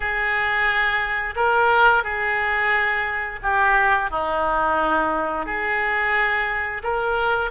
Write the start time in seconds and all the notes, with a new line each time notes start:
0.00 G#4
1.35 A#4
2.03 G#4
3.42 G4
4.10 D#4
5.45 G#4
6.83 A#4